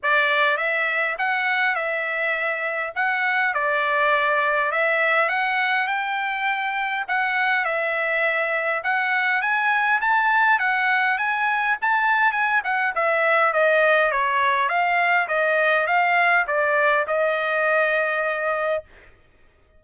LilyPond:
\new Staff \with { instrumentName = "trumpet" } { \time 4/4 \tempo 4 = 102 d''4 e''4 fis''4 e''4~ | e''4 fis''4 d''2 | e''4 fis''4 g''2 | fis''4 e''2 fis''4 |
gis''4 a''4 fis''4 gis''4 | a''4 gis''8 fis''8 e''4 dis''4 | cis''4 f''4 dis''4 f''4 | d''4 dis''2. | }